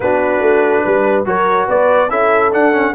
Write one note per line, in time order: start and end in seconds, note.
0.00 0.40 B3
0.00 1.25 D4
0.00 0.84 F#4
0.00 1.25 B4
0.40 0.82 A3
0.84 1.25 G3
0.84 1.26 B4
1.25 1.67 F#3
1.25 2.09 F#4
1.25 1.67 A#4
1.25 1.68 C#5
1.67 2.10 B3
1.67 2.09 B4
1.67 2.09 D5
2.09 2.52 C#4
2.09 2.51 E4
2.09 2.94 A4
2.09 2.51 E5
2.51 2.72 D4
2.51 2.94 D4
2.51 2.94 F#5
2.72 2.93 C#4